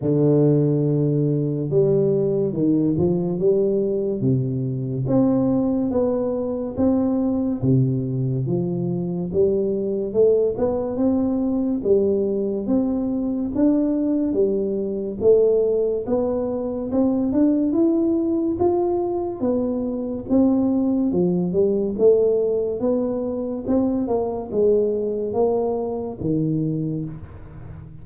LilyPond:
\new Staff \with { instrumentName = "tuba" } { \time 4/4 \tempo 4 = 71 d2 g4 dis8 f8 | g4 c4 c'4 b4 | c'4 c4 f4 g4 | a8 b8 c'4 g4 c'4 |
d'4 g4 a4 b4 | c'8 d'8 e'4 f'4 b4 | c'4 f8 g8 a4 b4 | c'8 ais8 gis4 ais4 dis4 | }